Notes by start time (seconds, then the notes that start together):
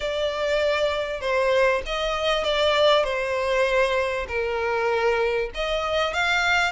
0.00 D5
1.20 C5
1.85 D#5
2.44 D5
3.03 C5
4.27 A#4
5.54 D#5
6.13 F5